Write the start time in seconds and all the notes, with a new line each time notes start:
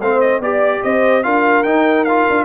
0.00 A3 C4 C5 F5
0.20 D#5
0.40 B3 G4 D5
0.83 C4 C5 D#5
1.23 D4 F4 A#4 F5
1.63 D#4 G5
2.05 F4 F5
2.30 D4